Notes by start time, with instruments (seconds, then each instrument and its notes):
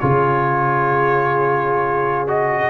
0.00 tuba C#3, trombone F4, horn G#4, trumpet C#5
2.28 trombone F#4, trumpet D#5